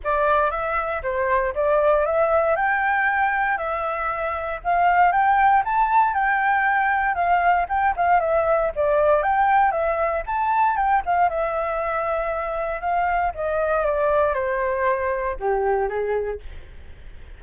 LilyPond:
\new Staff \with { instrumentName = "flute" } { \time 4/4 \tempo 4 = 117 d''4 e''4 c''4 d''4 | e''4 g''2 e''4~ | e''4 f''4 g''4 a''4 | g''2 f''4 g''8 f''8 |
e''4 d''4 g''4 e''4 | a''4 g''8 f''8 e''2~ | e''4 f''4 dis''4 d''4 | c''2 g'4 gis'4 | }